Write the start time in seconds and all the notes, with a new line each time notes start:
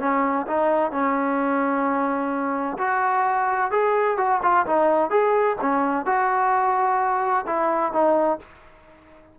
0.00 C#4
0.47 D#4
0.92 C#4
2.78 F#4
3.71 G#4
4.18 F#4
4.43 F4
4.67 D#4
5.11 G#4
5.61 C#4
6.06 F#4
7.47 E4
7.93 D#4